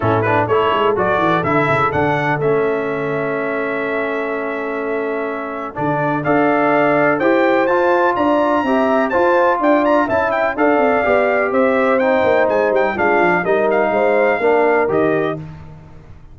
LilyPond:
<<
  \new Staff \with { instrumentName = "trumpet" } { \time 4/4 \tempo 4 = 125 a'8 b'8 cis''4 d''4 e''4 | fis''4 e''2.~ | e''1 | d''4 f''2 g''4 |
a''4 ais''2 a''4 | g''8 ais''8 a''8 g''8 f''2 | e''4 g''4 gis''8 g''8 f''4 | dis''8 f''2~ f''8 dis''4 | }
  \new Staff \with { instrumentName = "horn" } { \time 4/4 e'4 a'2.~ | a'1~ | a'1~ | a'4 d''2 c''4~ |
c''4 d''4 e''4 c''4 | d''4 e''4 d''2 | c''2. f'4 | ais'4 c''4 ais'2 | }
  \new Staff \with { instrumentName = "trombone" } { \time 4/4 cis'8 d'8 e'4 fis'4 e'4 | d'4 cis'2.~ | cis'1 | d'4 a'2 g'4 |
f'2 g'4 f'4~ | f'4 e'4 a'4 g'4~ | g'4 dis'2 d'4 | dis'2 d'4 g'4 | }
  \new Staff \with { instrumentName = "tuba" } { \time 4/4 a,4 a8 gis8 fis8 e8 d8 cis8 | d4 a2.~ | a1 | d4 d'2 e'4 |
f'4 d'4 c'4 f'4 | d'4 cis'4 d'8 c'8 b4 | c'4. ais8 gis8 g8 gis8 f8 | g4 gis4 ais4 dis4 | }
>>